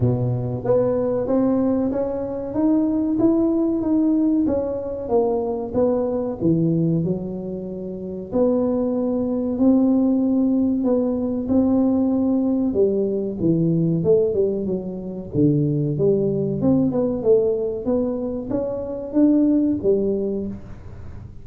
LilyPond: \new Staff \with { instrumentName = "tuba" } { \time 4/4 \tempo 4 = 94 b,4 b4 c'4 cis'4 | dis'4 e'4 dis'4 cis'4 | ais4 b4 e4 fis4~ | fis4 b2 c'4~ |
c'4 b4 c'2 | g4 e4 a8 g8 fis4 | d4 g4 c'8 b8 a4 | b4 cis'4 d'4 g4 | }